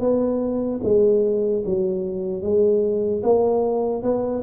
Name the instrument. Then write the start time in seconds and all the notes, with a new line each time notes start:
tuba
0.00 B3
0.83 G#3
1.65 F#3
2.42 G#3
3.23 A#3
4.03 B3